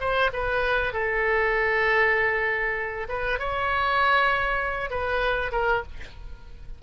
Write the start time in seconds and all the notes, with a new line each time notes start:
0.00 C5
0.33 B4
0.93 A4
3.08 B4
3.39 C#5
4.90 B4
5.52 A#4